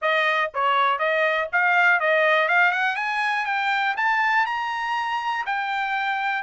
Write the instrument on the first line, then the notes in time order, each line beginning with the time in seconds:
trumpet
0.01 D#5
0.53 C#5
0.98 D#5
1.52 F5
2.00 D#5
2.48 F5
2.71 F#5
2.95 G#5
3.45 G5
3.96 A5
4.46 A#5
5.45 G5